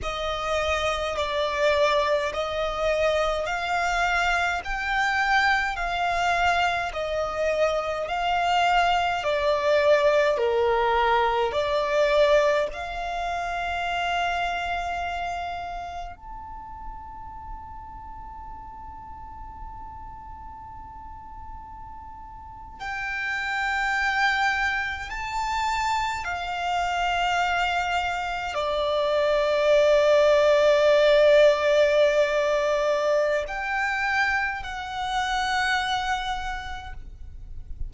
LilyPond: \new Staff \with { instrumentName = "violin" } { \time 4/4 \tempo 4 = 52 dis''4 d''4 dis''4 f''4 | g''4 f''4 dis''4 f''4 | d''4 ais'4 d''4 f''4~ | f''2 a''2~ |
a''2.~ a''8. g''16~ | g''4.~ g''16 a''4 f''4~ f''16~ | f''8. d''2.~ d''16~ | d''4 g''4 fis''2 | }